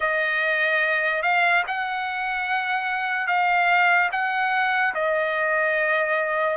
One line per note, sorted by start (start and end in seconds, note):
0.00 1.22 D#5
1.22 1.63 F5
1.67 3.27 F#5
3.27 4.09 F5
4.11 4.94 F#5
4.94 6.57 D#5